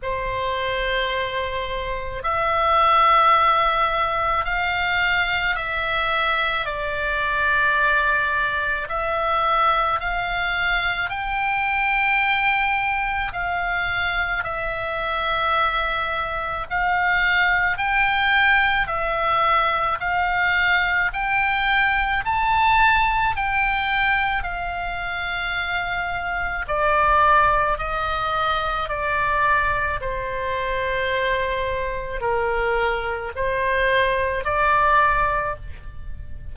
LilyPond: \new Staff \with { instrumentName = "oboe" } { \time 4/4 \tempo 4 = 54 c''2 e''2 | f''4 e''4 d''2 | e''4 f''4 g''2 | f''4 e''2 f''4 |
g''4 e''4 f''4 g''4 | a''4 g''4 f''2 | d''4 dis''4 d''4 c''4~ | c''4 ais'4 c''4 d''4 | }